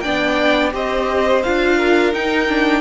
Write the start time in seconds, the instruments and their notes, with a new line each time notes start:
0.00 cello B3, viola D4, violin D5 G5
0.72 cello C4, viola G4, violin C5 D#5
1.43 cello D4, viola F4, violin F5
1.77 violin A#4
2.12 viola D#4, cello D#4, violin G5
2.48 viola D4